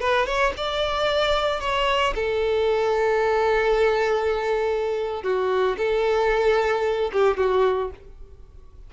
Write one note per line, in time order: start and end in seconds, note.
0.00 0.26 B4
0.26 0.53 C#5
0.56 1.60 D5
1.60 2.14 C#5
2.15 5.23 A4
5.23 5.76 F#4
5.77 7.11 A4
7.12 7.37 G4
7.37 7.90 F#4